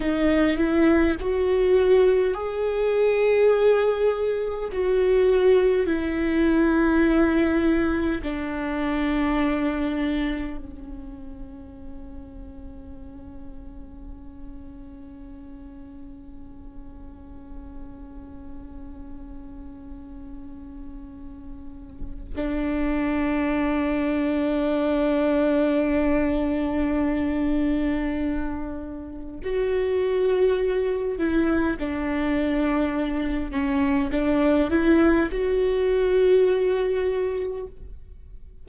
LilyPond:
\new Staff \with { instrumentName = "viola" } { \time 4/4 \tempo 4 = 51 dis'8 e'8 fis'4 gis'2 | fis'4 e'2 d'4~ | d'4 cis'2.~ | cis'1~ |
cis'2. d'4~ | d'1~ | d'4 fis'4. e'8 d'4~ | d'8 cis'8 d'8 e'8 fis'2 | }